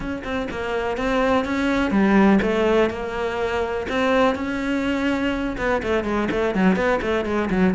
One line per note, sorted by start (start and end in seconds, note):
0.00 0.22 C#4
0.24 0.48 C4
0.50 0.97 A#3
0.97 1.44 C4
1.44 1.90 C#4
1.90 2.39 G3
2.41 2.89 A3
2.89 3.86 A#3
3.88 4.35 C4
4.35 5.56 C#4
5.57 5.82 B3
5.82 6.04 A3
6.04 6.28 G#3
6.31 6.54 A3
6.54 6.75 F#3
6.75 7.00 B3
7.01 7.25 A3
7.25 7.49 G#3
7.50 7.74 F#3